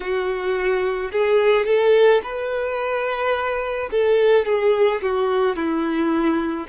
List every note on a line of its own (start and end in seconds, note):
0.00 1.11 F#4
1.12 1.65 G#4
1.65 2.21 A4
2.23 3.89 B4
3.91 4.45 A4
4.45 5.01 G#4
5.02 5.56 F#4
5.56 6.67 E4